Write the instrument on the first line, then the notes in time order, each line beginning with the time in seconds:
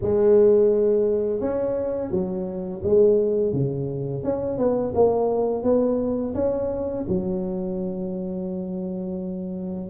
tuba
0.01 G#3
1.40 C#4
2.10 F#3
2.83 G#3
3.53 C#3
4.23 C#4
4.58 B3
4.94 A#3
5.63 B3
6.34 C#4
7.08 F#3